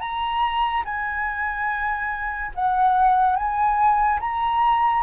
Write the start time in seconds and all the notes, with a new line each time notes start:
0.00 A#5
0.85 G#5
2.55 F#5
3.36 G#5
4.20 A#5